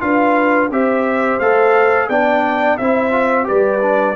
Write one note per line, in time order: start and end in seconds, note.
0.00 0.70 D4
0.00 0.69 F4
0.00 0.71 B4
0.00 0.70 F5
0.70 1.39 C4
0.70 1.41 G4
0.70 2.09 C5
0.70 1.40 E5
1.40 2.09 A3
1.40 2.10 A4
1.40 2.08 F5
2.09 2.78 B3
2.09 2.79 D4
2.09 2.78 D5
2.09 2.77 G5
2.77 3.49 C4
2.77 3.12 E4
2.77 3.47 C5
2.77 3.46 E5
3.12 3.44 F4
3.44 4.16 G3
3.44 3.78 G4
3.44 4.16 B4
3.44 4.16 D5
3.81 4.16 D4